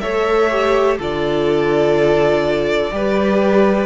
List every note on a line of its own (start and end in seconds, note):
0.00 0.99 A3
0.00 0.50 A4
0.00 0.98 C#5
0.00 0.97 E5
0.50 0.98 G4
0.98 2.92 D3
0.98 2.91 F4
0.98 2.92 A4
0.98 3.86 D5
2.91 3.86 G3
2.91 3.86 G4
2.91 3.86 B4